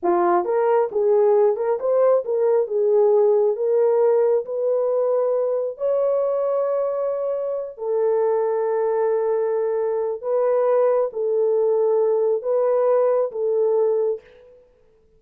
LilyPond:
\new Staff \with { instrumentName = "horn" } { \time 4/4 \tempo 4 = 135 f'4 ais'4 gis'4. ais'8 | c''4 ais'4 gis'2 | ais'2 b'2~ | b'4 cis''2.~ |
cis''4. a'2~ a'8~ | a'2. b'4~ | b'4 a'2. | b'2 a'2 | }